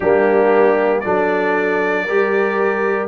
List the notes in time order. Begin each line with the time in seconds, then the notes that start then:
0.00 G3 A#3 D4 G4
1.00 F#3 D4 A4 D5
2.05 G3 G4 A#4